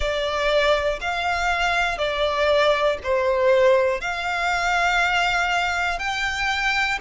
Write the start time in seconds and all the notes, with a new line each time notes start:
0.00 D5
1.00 F5
1.97 D5
3.03 C5
4.00 F5
5.98 G5